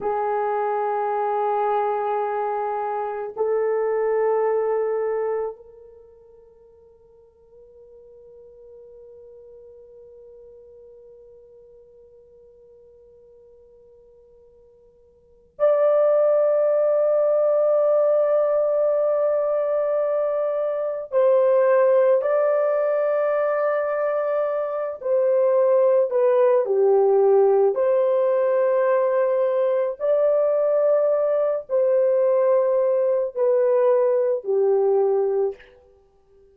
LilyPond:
\new Staff \with { instrumentName = "horn" } { \time 4/4 \tempo 4 = 54 gis'2. a'4~ | a'4 ais'2.~ | ais'1~ | ais'2 d''2~ |
d''2. c''4 | d''2~ d''8 c''4 b'8 | g'4 c''2 d''4~ | d''8 c''4. b'4 g'4 | }